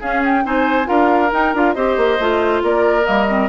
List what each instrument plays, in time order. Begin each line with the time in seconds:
0.00 clarinet C#4, bassoon C#4, oboe G#4, flute F5
0.24 flute G5
0.44 bassoon C4, clarinet D#4, oboe C5, flute G#5
0.85 bassoon D4, clarinet F4, oboe A#4, flute F5
1.32 bassoon D#4, clarinet D#4, flute G5
1.54 bassoon D4, clarinet F4, flute F5
1.74 bassoon C4, clarinet G4, oboe C5, flute D#5
1.97 bassoon A#3
2.19 bassoon A3, clarinet F4
2.63 bassoon A#3, oboe A#4, flute D5
3.03 bassoon G3, clarinet A#3, flute D#5
3.29 clarinet C4